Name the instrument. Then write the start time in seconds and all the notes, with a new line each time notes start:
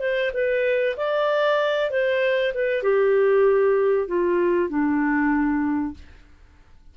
clarinet
0.00 C5
0.34 B4
0.97 D5
1.90 C5
2.54 B4
2.83 G4
4.08 F4
4.69 D4